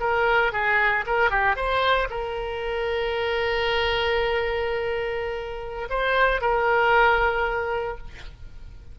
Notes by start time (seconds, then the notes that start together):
0.00 A#4
0.52 G#4
1.06 A#4
1.30 G4
1.56 C5
2.10 A#4
5.89 C5
6.41 A#4